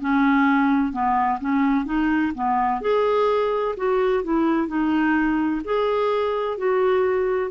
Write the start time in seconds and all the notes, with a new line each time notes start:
0.00 C#4
0.92 B3
1.40 C#4
1.85 D#4
2.34 B3
2.81 G#4
3.76 F#4
4.23 E4
4.67 D#4
5.64 G#4
6.57 F#4